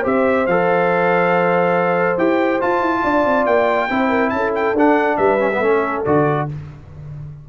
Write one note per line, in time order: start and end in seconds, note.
0.00 0.47 C4
0.00 0.46 G4
0.00 3.00 C5
0.06 0.47 E5
0.47 2.17 F3
0.47 2.18 A4
0.47 2.18 F5
2.17 2.60 E4
2.17 2.60 G4
2.17 2.61 G5
2.60 3.89 F4
2.60 2.81 F4
2.60 3.46 A5
2.81 3.02 E4
3.03 3.25 D4
3.03 3.89 D5
3.25 3.46 C4
3.46 3.89 A#3
3.46 4.29 G5
3.90 4.32 C4
3.90 4.75 E4
3.90 4.09 C5
4.09 4.31 A#4
4.29 4.73 C#4
4.29 4.51 A5
4.36 5.18 A4
4.55 4.76 G5
4.73 5.16 D4
4.73 5.39 D4
4.73 5.17 F#5
5.17 5.59 G3
5.17 5.59 B4
5.17 6.02 E5
5.39 5.50 C#4
5.52 5.62 B3
5.59 6.02 A3
5.59 6.05 C#4
5.59 6.44 A4
6.05 6.49 D3
6.05 6.48 F#4
6.05 6.48 D5